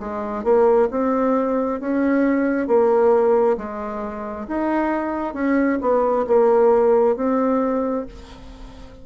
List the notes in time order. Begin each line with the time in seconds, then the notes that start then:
0.00 G#3
0.44 A#3
0.91 C4
1.81 C#4
2.68 A#3
3.58 G#3
4.49 D#4
5.34 C#4
5.82 B3
6.27 A#3
7.17 C4